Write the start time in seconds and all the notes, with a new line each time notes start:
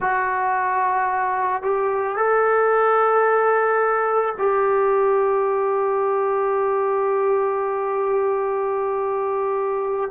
0.00 F#4
1.62 G4
2.16 A4
4.37 G4